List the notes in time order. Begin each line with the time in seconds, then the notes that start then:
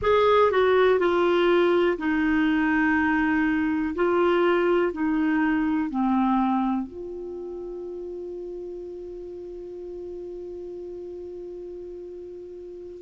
0.01 G#4
0.51 F#4
0.99 F4
1.98 D#4
3.95 F4
4.92 D#4
5.90 C4
6.87 F4